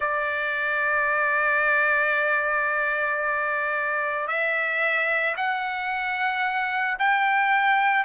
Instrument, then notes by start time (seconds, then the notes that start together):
trumpet
0.00 D5
4.27 E5
5.36 F#5
6.98 G5